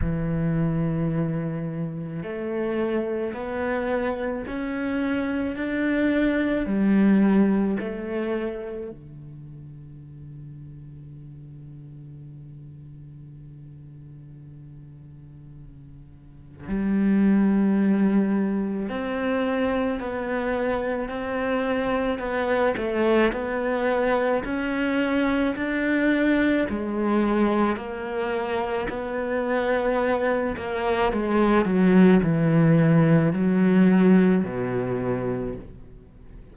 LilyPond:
\new Staff \with { instrumentName = "cello" } { \time 4/4 \tempo 4 = 54 e2 a4 b4 | cis'4 d'4 g4 a4 | d1~ | d2. g4~ |
g4 c'4 b4 c'4 | b8 a8 b4 cis'4 d'4 | gis4 ais4 b4. ais8 | gis8 fis8 e4 fis4 b,4 | }